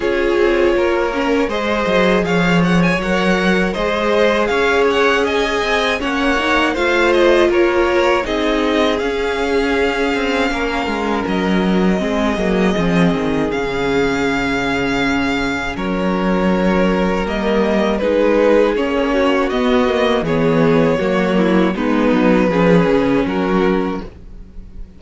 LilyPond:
<<
  \new Staff \with { instrumentName = "violin" } { \time 4/4 \tempo 4 = 80 cis''2 dis''4 f''8 fis''16 gis''16 | fis''4 dis''4 f''8 fis''8 gis''4 | fis''4 f''8 dis''8 cis''4 dis''4 | f''2. dis''4~ |
dis''2 f''2~ | f''4 cis''2 dis''4 | b'4 cis''4 dis''4 cis''4~ | cis''4 b'2 ais'4 | }
  \new Staff \with { instrumentName = "violin" } { \time 4/4 gis'4 ais'4 c''4 cis''4~ | cis''4 c''4 cis''4 dis''4 | cis''4 c''4 ais'4 gis'4~ | gis'2 ais'2 |
gis'1~ | gis'4 ais'2. | gis'4. fis'4. gis'4 | fis'8 e'8 dis'4 gis'4 fis'4 | }
  \new Staff \with { instrumentName = "viola" } { \time 4/4 f'4. cis'8 gis'2 | ais'4 gis'2. | cis'8 dis'8 f'2 dis'4 | cis'1 |
c'8 ais8 c'4 cis'2~ | cis'2. ais4 | dis'4 cis'4 b8 ais8 b4 | ais4 b4 cis'2 | }
  \new Staff \with { instrumentName = "cello" } { \time 4/4 cis'8 c'8 ais4 gis8 fis8 f4 | fis4 gis4 cis'4. c'8 | ais4 a4 ais4 c'4 | cis'4. c'8 ais8 gis8 fis4 |
gis8 fis8 f8 dis8 cis2~ | cis4 fis2 g4 | gis4 ais4 b4 e4 | fis4 gis8 fis8 f8 cis8 fis4 | }
>>